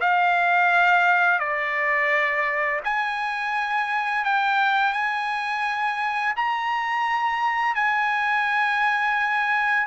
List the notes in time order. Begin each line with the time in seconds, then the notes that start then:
0.00 F5
1.40 D5
2.84 G#5
4.24 G5
4.93 G#5
6.37 A#5
7.75 G#5